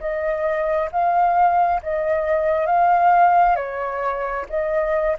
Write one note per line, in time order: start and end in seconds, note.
0.00 0.90 D#5
0.92 1.81 F5
1.82 2.66 D#5
2.66 3.56 F5
3.56 4.46 C#5
4.49 5.17 D#5